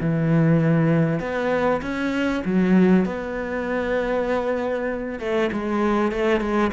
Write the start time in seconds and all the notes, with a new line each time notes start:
0.00 E3
1.20 B3
1.82 C#4
2.45 F#3
3.06 B3
5.20 A3
5.52 G#3
6.12 A3
6.40 G#3